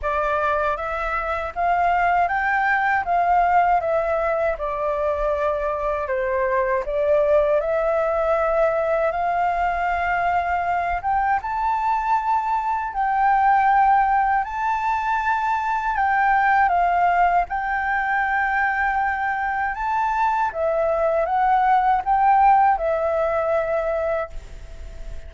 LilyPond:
\new Staff \with { instrumentName = "flute" } { \time 4/4 \tempo 4 = 79 d''4 e''4 f''4 g''4 | f''4 e''4 d''2 | c''4 d''4 e''2 | f''2~ f''8 g''8 a''4~ |
a''4 g''2 a''4~ | a''4 g''4 f''4 g''4~ | g''2 a''4 e''4 | fis''4 g''4 e''2 | }